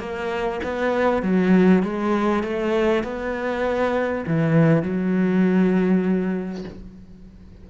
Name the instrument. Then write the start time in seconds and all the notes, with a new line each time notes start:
cello
0.00 A#3
0.64 B3
1.23 F#3
1.83 G#3
2.44 A3
3.04 B3
4.27 E3
4.83 F#3